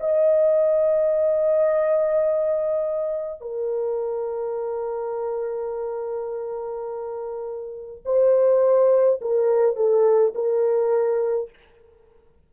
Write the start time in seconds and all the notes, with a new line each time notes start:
0.00 D#5
3.41 A#4
8.05 C5
9.22 A#4
9.76 A4
10.35 A#4